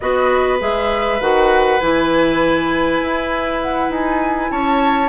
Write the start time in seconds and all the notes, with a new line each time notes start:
0.00 B3 F#4 B4 D#5
0.59 G#3 G#4 E5
1.20 D#3 F#4 F#5
1.80 E3 E4 G#5
3.00 E4
3.61 F#5
3.89 D#4 G#5
4.51 C#4 C#5 A5